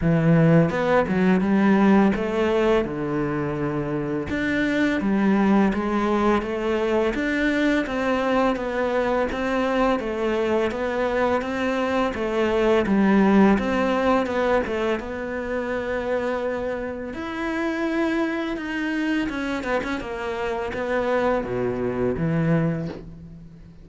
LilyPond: \new Staff \with { instrumentName = "cello" } { \time 4/4 \tempo 4 = 84 e4 b8 fis8 g4 a4 | d2 d'4 g4 | gis4 a4 d'4 c'4 | b4 c'4 a4 b4 |
c'4 a4 g4 c'4 | b8 a8 b2. | e'2 dis'4 cis'8 b16 cis'16 | ais4 b4 b,4 e4 | }